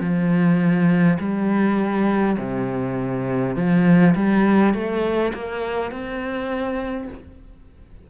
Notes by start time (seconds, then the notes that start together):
0.00 F3
1.19 G3
2.38 C3
3.56 F3
4.15 G3
4.74 A3
5.34 A#3
5.91 C4